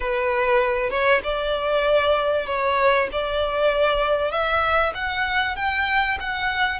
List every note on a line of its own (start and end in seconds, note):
0.00 0.89 B4
0.89 1.20 C#5
1.23 2.46 D5
2.46 3.08 C#5
3.12 4.31 D5
4.31 4.93 E5
4.94 5.56 F#5
5.56 6.17 G5
6.20 6.80 F#5